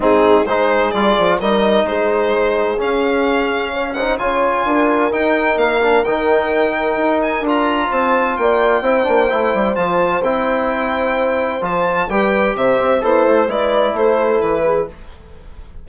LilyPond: <<
  \new Staff \with { instrumentName = "violin" } { \time 4/4 \tempo 4 = 129 gis'4 c''4 d''4 dis''4 | c''2 f''2~ | f''8 fis''8 gis''2 g''4 | f''4 g''2~ g''8 gis''8 |
ais''4 a''4 g''2~ | g''4 a''4 g''2~ | g''4 a''4 g''4 e''4 | c''4 d''4 c''4 b'4 | }
  \new Staff \with { instrumentName = "horn" } { \time 4/4 dis'4 gis'2 ais'4 | gis'1 | cis''8 c''8 cis''4 ais'2~ | ais'1~ |
ais'4 c''4 d''4 c''4~ | c''1~ | c''2 b'4 c''4 | e'4 b'4 a'4. gis'8 | }
  \new Staff \with { instrumentName = "trombone" } { \time 4/4 c'4 dis'4 f'4 dis'4~ | dis'2 cis'2~ | cis'8 dis'8 f'2 dis'4~ | dis'8 d'8 dis'2. |
f'2. e'8 d'8 | e'4 f'4 e'2~ | e'4 f'4 g'2 | a'4 e'2. | }
  \new Staff \with { instrumentName = "bassoon" } { \time 4/4 gis,4 gis4 g8 f8 g4 | gis2 cis'2~ | cis'4 cis4 d'4 dis'4 | ais4 dis2 dis'4 |
d'4 c'4 ais4 c'8 ais8 | a8 g8 f4 c'2~ | c'4 f4 g4 c8 c'8 | b8 a8 gis4 a4 e4 | }
>>